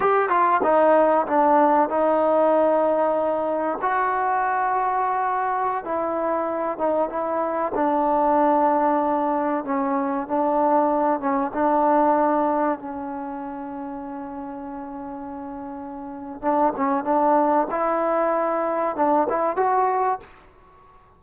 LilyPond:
\new Staff \with { instrumentName = "trombone" } { \time 4/4 \tempo 4 = 95 g'8 f'8 dis'4 d'4 dis'4~ | dis'2 fis'2~ | fis'4~ fis'16 e'4. dis'8 e'8.~ | e'16 d'2. cis'8.~ |
cis'16 d'4. cis'8 d'4.~ d'16~ | d'16 cis'2.~ cis'8.~ | cis'2 d'8 cis'8 d'4 | e'2 d'8 e'8 fis'4 | }